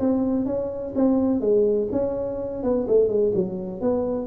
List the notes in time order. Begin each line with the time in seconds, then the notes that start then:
0.00 C4
0.46 C#4
0.96 C4
1.41 G#3
1.92 C#4
2.63 B3
2.88 A3
3.08 G#3
3.35 F#3
3.81 B3